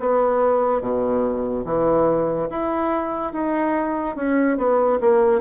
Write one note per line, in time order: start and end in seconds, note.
0.00 0.81 B3
0.81 1.64 B2
1.66 2.49 E3
2.50 3.33 E4
3.33 4.16 D#4
4.16 4.58 C#4
4.58 4.99 B3
5.01 5.41 A#3